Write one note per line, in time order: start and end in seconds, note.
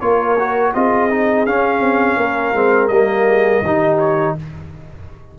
0.00 0.73 A#3
0.00 0.37 F4
0.00 0.72 A#4
0.00 0.72 C#5
0.39 0.74 F#4
0.74 1.46 C4
0.74 1.10 F4
0.74 2.19 G#4
0.74 1.46 D#5
1.10 1.46 D#4
1.46 1.80 C#4
1.46 2.54 C#4
1.46 2.87 F5
1.80 2.16 C4
2.16 2.53 A#3
2.16 3.27 A#4
2.54 2.89 G#3
2.54 2.90 C4
2.87 3.61 G3
2.87 3.64 A#3
2.87 3.96 D#5
3.27 3.63 G#4
3.61 4.34 D#3
3.61 4.38 D#4
3.61 4.36 G4
3.98 4.34 C#5